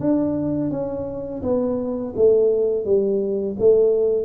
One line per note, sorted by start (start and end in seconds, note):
0.00 0.70 D4
0.70 1.42 C#4
1.43 2.14 B3
2.16 2.85 A3
2.85 3.56 G3
3.59 4.25 A3